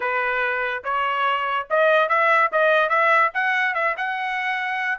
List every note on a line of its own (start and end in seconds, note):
0.00 0.83 B4
0.84 1.67 C#5
1.70 2.09 D#5
2.09 2.50 E5
2.52 2.89 D#5
2.89 3.30 E5
3.34 3.74 F#5
3.74 3.95 E5
3.97 4.98 F#5